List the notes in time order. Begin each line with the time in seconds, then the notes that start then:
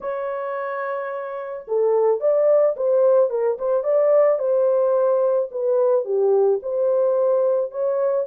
0.01 C#5
1.67 A4
2.20 D5
2.76 C5
3.30 A#4
3.58 C5
3.83 D5
4.39 C5
5.51 B4
6.04 G4
6.62 C5
7.71 C#5